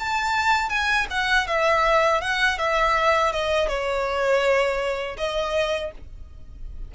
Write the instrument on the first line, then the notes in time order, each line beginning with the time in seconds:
violin
0.00 A5
0.70 G#5
1.11 F#5
1.48 E5
2.22 F#5
2.59 E5
3.33 D#5
3.69 C#5
5.18 D#5